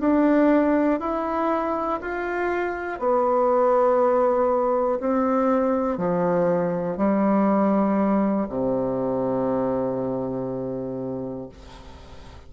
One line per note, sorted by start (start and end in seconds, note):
0.00 1.00 D4
1.00 2.00 E4
2.01 2.99 F4
2.99 4.99 B3
5.00 5.98 C4
5.98 6.97 F3
6.97 8.47 G3
8.49 11.49 C3